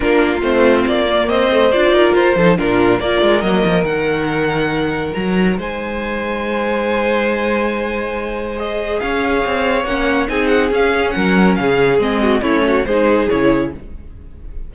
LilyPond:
<<
  \new Staff \with { instrumentName = "violin" } { \time 4/4 \tempo 4 = 140 ais'4 c''4 d''4 dis''4 | d''4 c''4 ais'4 d''4 | dis''4 fis''2. | ais''4 gis''2.~ |
gis''1 | dis''4 f''2 fis''4 | gis''8 fis''8 f''4 fis''4 f''4 | dis''4 cis''4 c''4 cis''4 | }
  \new Staff \with { instrumentName = "violin" } { \time 4/4 f'2. c''4~ | c''8 ais'4 a'8 f'4 ais'4~ | ais'1~ | ais'4 c''2.~ |
c''1~ | c''4 cis''2. | gis'2 ais'4 gis'4~ | gis'8 fis'8 e'8 fis'8 gis'2 | }
  \new Staff \with { instrumentName = "viola" } { \time 4/4 d'4 c'4. ais4 a8 | f'4. dis'8 d'4 f'4 | ais4 dis'2.~ | dis'1~ |
dis'1 | gis'2. cis'4 | dis'4 cis'2. | c'4 cis'4 dis'4 e'4 | }
  \new Staff \with { instrumentName = "cello" } { \time 4/4 ais4 a4 ais4 c'4 | d'8 dis'8 f'8 f8 ais,4 ais8 gis8 | fis8 f8 dis2. | fis4 gis2.~ |
gis1~ | gis4 cis'4 c'4 ais4 | c'4 cis'4 fis4 cis4 | gis4 a4 gis4 cis4 | }
>>